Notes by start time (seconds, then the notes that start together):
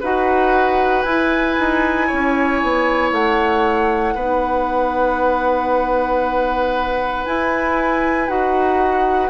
0.00 D#4 F#4 B4 F#5
1.02 E4 G#5
1.59 D#4
2.07 C#4 C#5
2.62 B3
3.12 A3 F#5
4.14 B3 D#4 B4
7.26 E4 G#5
8.28 D#4 F#4 F#5